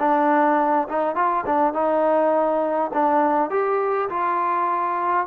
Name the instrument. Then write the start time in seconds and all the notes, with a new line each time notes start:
trombone
0.00 D4
0.89 D#4
1.16 F4
1.47 D4
1.74 D#4
2.94 D4
3.51 G4
4.10 F4